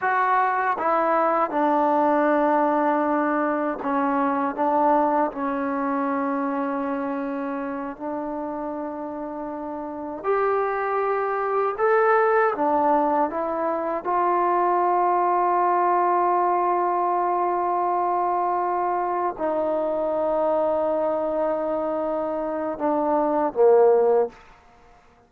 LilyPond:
\new Staff \with { instrumentName = "trombone" } { \time 4/4 \tempo 4 = 79 fis'4 e'4 d'2~ | d'4 cis'4 d'4 cis'4~ | cis'2~ cis'8 d'4.~ | d'4. g'2 a'8~ |
a'8 d'4 e'4 f'4.~ | f'1~ | f'4. dis'2~ dis'8~ | dis'2 d'4 ais4 | }